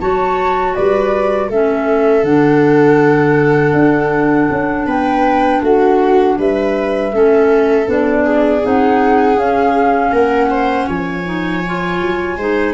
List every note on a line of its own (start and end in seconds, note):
0.00 0.76 F#3
0.00 1.50 F#4
0.00 0.75 C#5
0.00 0.75 A5
0.75 1.49 G3
0.75 1.49 B4
0.75 1.50 D5
1.49 2.23 A3
1.49 2.24 C#4
1.49 4.87 A4
1.49 2.24 E5
2.23 3.73 D3
2.23 7.12 D4
2.23 4.87 F#5
3.73 4.48 D4
4.50 4.86 C#4
4.86 5.61 B3
4.86 5.62 B4
4.86 5.63 G5
5.62 6.37 A3
5.62 6.38 F#4
5.62 6.39 F#5
6.38 7.12 G3
6.38 7.13 B4
6.38 7.90 E5
7.12 7.87 A3
7.12 7.86 C#4
7.12 8.24 A4
7.86 8.63 B3
7.86 8.61 D4
7.86 8.65 D5
8.24 10.12 G#4
8.63 9.36 C4
8.63 9.37 D#4
8.63 9.39 F#5
9.36 10.11 C#4
9.36 11.24 C#4
9.36 10.14 F5
10.12 10.87 A#3
10.12 10.49 A#4
10.12 10.89 F#5
10.50 10.87 C5
10.87 12.01 F3
10.87 12.37 C#5
10.87 12.74 G#5
11.25 11.62 D#4
11.66 12.39 F4
12.01 12.37 F#3
12.37 12.74 G#3
12.37 12.74 D#4
12.37 12.74 C5